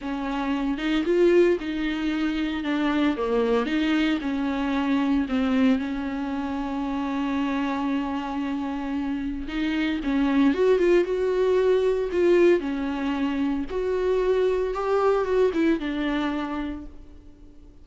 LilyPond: \new Staff \with { instrumentName = "viola" } { \time 4/4 \tempo 4 = 114 cis'4. dis'8 f'4 dis'4~ | dis'4 d'4 ais4 dis'4 | cis'2 c'4 cis'4~ | cis'1~ |
cis'2 dis'4 cis'4 | fis'8 f'8 fis'2 f'4 | cis'2 fis'2 | g'4 fis'8 e'8 d'2 | }